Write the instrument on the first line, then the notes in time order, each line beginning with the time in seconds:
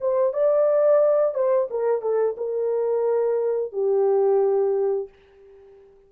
horn
0.00 C5
0.33 D5
1.34 C5
1.70 A#4
2.01 A4
2.37 A#4
3.72 G4